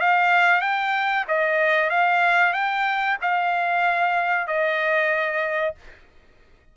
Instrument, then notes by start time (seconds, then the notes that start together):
trumpet
0.00 F5
0.62 G5
1.28 D#5
1.90 F5
2.53 G5
3.22 F5
4.47 D#5